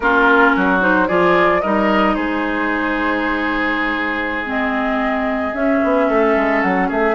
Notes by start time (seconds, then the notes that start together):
0.00 A#3 C#4 F4 A#4
0.55 F#3 F#4
0.80 D#4 C5
1.07 F3 F4 G#4 D5
1.61 G3 D#4 A#4 D#5
2.15 G#3 G#4 C5
4.45 C4 D#5
5.53 C#4 E5
5.83 B3
6.08 A3 A4
6.36 G#3
6.61 F#3 F#5
6.87 A3 G#4 E5